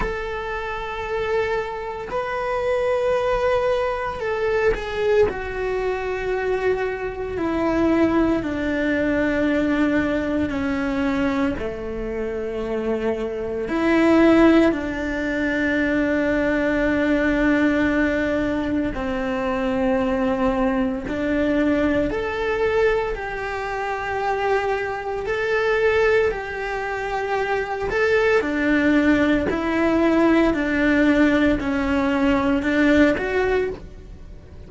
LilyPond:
\new Staff \with { instrumentName = "cello" } { \time 4/4 \tempo 4 = 57 a'2 b'2 | a'8 gis'8 fis'2 e'4 | d'2 cis'4 a4~ | a4 e'4 d'2~ |
d'2 c'2 | d'4 a'4 g'2 | a'4 g'4. a'8 d'4 | e'4 d'4 cis'4 d'8 fis'8 | }